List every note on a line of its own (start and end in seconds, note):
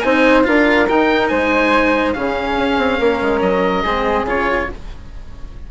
0.00 0.46 C4
0.00 0.44 D#4
0.00 0.47 C5
0.00 0.42 G#5
0.44 0.89 D4
0.44 0.86 F4
0.44 1.31 A#4
0.44 0.88 F5
0.88 2.15 D#4
0.88 1.31 D#4
0.88 1.28 G5
1.28 2.15 G#3
1.28 2.15 C5
1.28 2.12 G#5
2.13 2.57 C#3
2.13 3.84 C#4
2.13 2.99 G#4
2.13 3.40 F5
2.57 2.78 C#4
2.78 2.99 C4
2.99 3.21 A#3
2.99 3.83 A#4
3.21 3.41 G#3
3.41 3.84 F#3
3.41 4.26 D#5
3.83 4.23 G#3
3.83 4.26 C4
3.83 4.67 G#4
4.23 4.65 C#3
4.23 4.69 F4
4.23 4.71 C#5